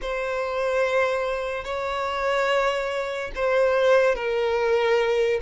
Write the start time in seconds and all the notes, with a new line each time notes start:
0.02 C5
1.64 C#5
3.35 C5
4.15 A#4